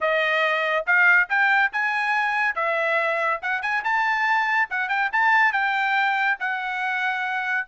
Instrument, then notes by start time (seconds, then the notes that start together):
trumpet
0.00 D#5
0.86 F5
1.29 G5
1.72 G#5
2.55 E5
3.42 F#5
3.62 G#5
3.83 A5
4.70 F#5
4.88 G5
5.12 A5
5.52 G5
6.39 F#5